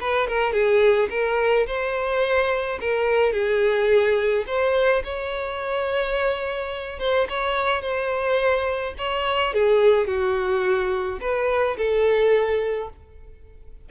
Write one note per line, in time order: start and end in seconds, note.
0.00 0.27 B4
0.27 0.52 A#4
0.52 1.08 G#4
1.10 1.66 A#4
1.67 2.79 C5
2.80 3.32 A#4
3.32 4.45 G#4
4.46 5.02 C5
5.04 6.99 C#5
6.99 7.27 C5
7.29 7.81 C#5
7.81 8.94 C5
8.97 9.53 C#5
9.53 10.07 G#4
10.07 11.19 F#4
11.20 11.76 B4
11.77 12.89 A4